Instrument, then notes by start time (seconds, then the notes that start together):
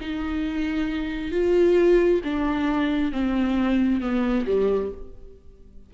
viola
0.00 D#4
1.31 F4
2.24 D4
3.12 C4
4.00 B3
4.46 G3